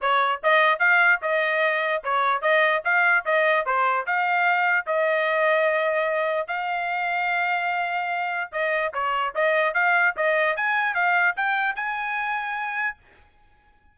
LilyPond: \new Staff \with { instrumentName = "trumpet" } { \time 4/4 \tempo 4 = 148 cis''4 dis''4 f''4 dis''4~ | dis''4 cis''4 dis''4 f''4 | dis''4 c''4 f''2 | dis''1 |
f''1~ | f''4 dis''4 cis''4 dis''4 | f''4 dis''4 gis''4 f''4 | g''4 gis''2. | }